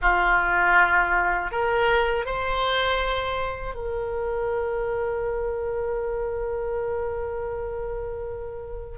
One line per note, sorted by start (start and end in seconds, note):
0.01 1.51 F4
1.51 2.25 A#4
2.25 3.74 C5
3.74 8.98 A#4